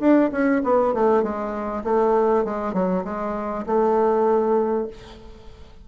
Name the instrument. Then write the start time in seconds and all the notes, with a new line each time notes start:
bassoon
0.00 D4
0.32 C#4
0.64 B3
0.94 A3
1.23 G#3
1.84 A3
2.44 G#3
2.74 F#3
3.04 G#3
3.66 A3